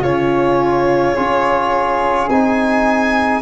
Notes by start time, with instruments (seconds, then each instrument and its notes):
0.00 tuba C#3, trombone C#4, flute F4, violin C#5
1.15 tuba C#4, trombone F4, flute G#4
2.29 tuba C4, trombone D#4, violin G#5